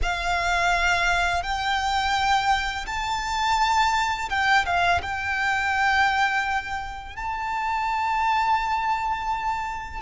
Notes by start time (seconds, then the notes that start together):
0.02 F5
1.43 G5
2.86 A5
4.29 G5
4.65 F5
5.02 G5
7.16 A5